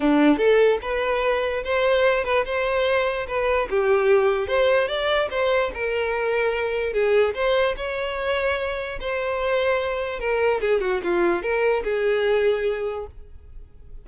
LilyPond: \new Staff \with { instrumentName = "violin" } { \time 4/4 \tempo 4 = 147 d'4 a'4 b'2 | c''4. b'8 c''2 | b'4 g'2 c''4 | d''4 c''4 ais'2~ |
ais'4 gis'4 c''4 cis''4~ | cis''2 c''2~ | c''4 ais'4 gis'8 fis'8 f'4 | ais'4 gis'2. | }